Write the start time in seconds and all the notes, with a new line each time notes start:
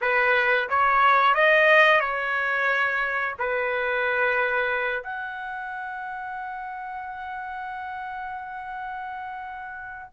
0.01 B4
0.69 C#5
1.34 D#5
2.00 C#5
3.38 B4
5.03 F#5